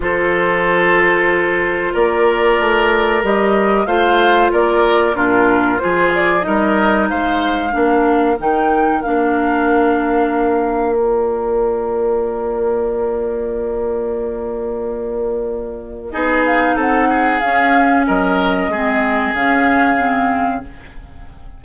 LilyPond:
<<
  \new Staff \with { instrumentName = "flute" } { \time 4/4 \tempo 4 = 93 c''2. d''4~ | d''4 dis''4 f''4 d''4 | ais'4 c''8 d''8 dis''4 f''4~ | f''4 g''4 f''2~ |
f''4 d''2.~ | d''1~ | d''4 dis''8 f''8 fis''4 f''4 | dis''2 f''2 | }
  \new Staff \with { instrumentName = "oboe" } { \time 4/4 a'2. ais'4~ | ais'2 c''4 ais'4 | f'4 gis'4 ais'4 c''4 | ais'1~ |
ais'1~ | ais'1~ | ais'4 gis'4 a'8 gis'4. | ais'4 gis'2. | }
  \new Staff \with { instrumentName = "clarinet" } { \time 4/4 f'1~ | f'4 g'4 f'2 | d'4 f'4 dis'2 | d'4 dis'4 d'2~ |
d'4 f'2.~ | f'1~ | f'4 dis'2 cis'4~ | cis'4 c'4 cis'4 c'4 | }
  \new Staff \with { instrumentName = "bassoon" } { \time 4/4 f2. ais4 | a4 g4 a4 ais4 | ais,4 f4 g4 gis4 | ais4 dis4 ais2~ |
ais1~ | ais1~ | ais4 b4 c'4 cis'4 | fis4 gis4 cis2 | }
>>